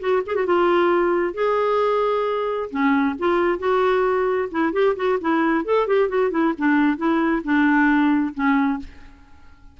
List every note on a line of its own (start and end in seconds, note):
0.00 0.23 F#4
0.26 0.35 G#4
0.35 0.46 F#4
0.46 1.34 F4
1.34 2.69 G#4
2.70 3.15 C#4
3.18 3.59 F4
3.59 4.49 F#4
4.51 4.73 E4
4.73 4.95 G4
4.96 5.19 F#4
5.21 5.65 E4
5.65 5.87 A4
5.87 6.09 G4
6.09 6.31 F#4
6.31 6.53 E4
6.58 6.97 D4
6.97 7.42 E4
7.44 8.34 D4
8.34 8.79 C#4